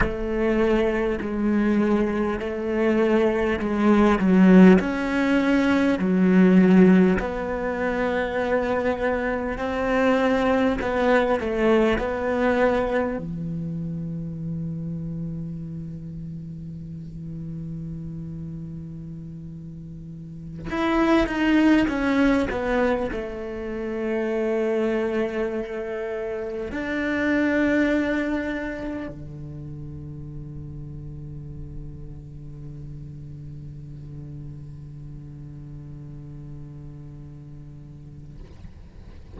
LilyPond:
\new Staff \with { instrumentName = "cello" } { \time 4/4 \tempo 4 = 50 a4 gis4 a4 gis8 fis8 | cis'4 fis4 b2 | c'4 b8 a8 b4 e4~ | e1~ |
e4~ e16 e'8 dis'8 cis'8 b8 a8.~ | a2~ a16 d'4.~ d'16~ | d'16 d2.~ d8.~ | d1 | }